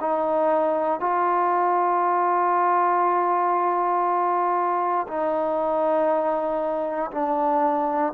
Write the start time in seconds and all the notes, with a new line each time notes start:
0.00 D#4
1.00 F4
5.08 D#4
7.11 D4